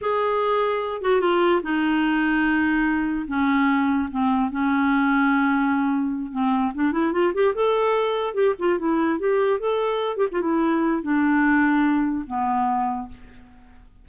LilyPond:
\new Staff \with { instrumentName = "clarinet" } { \time 4/4 \tempo 4 = 147 gis'2~ gis'8 fis'8 f'4 | dis'1 | cis'2 c'4 cis'4~ | cis'2.~ cis'8 c'8~ |
c'8 d'8 e'8 f'8 g'8 a'4.~ | a'8 g'8 f'8 e'4 g'4 a'8~ | a'4 g'16 f'16 e'4. d'4~ | d'2 b2 | }